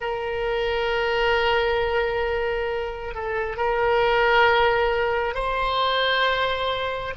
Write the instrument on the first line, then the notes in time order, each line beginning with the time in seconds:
oboe
0.00 A#4
3.14 A4
3.57 A#4
5.34 C5